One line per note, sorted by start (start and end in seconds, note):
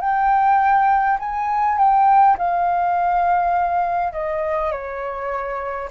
0.00 1.18 G5
1.19 1.78 G#5
1.78 2.36 G5
2.37 4.13 F5
4.13 4.72 D#5
4.72 5.89 C#5